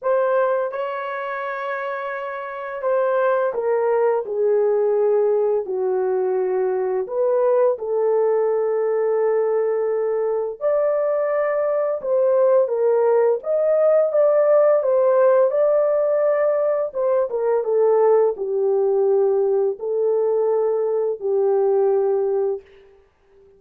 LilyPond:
\new Staff \with { instrumentName = "horn" } { \time 4/4 \tempo 4 = 85 c''4 cis''2. | c''4 ais'4 gis'2 | fis'2 b'4 a'4~ | a'2. d''4~ |
d''4 c''4 ais'4 dis''4 | d''4 c''4 d''2 | c''8 ais'8 a'4 g'2 | a'2 g'2 | }